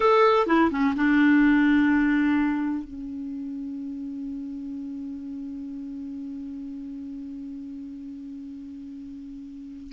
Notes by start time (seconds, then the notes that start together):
0.00 A4
0.47 E4
0.70 C#4
0.95 D4
2.84 C#4